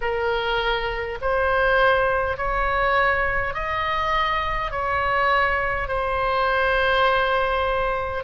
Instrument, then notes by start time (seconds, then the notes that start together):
oboe
0.01 A#4
1.21 C5
2.37 C#5
3.53 D#5
4.71 C#5
5.88 C5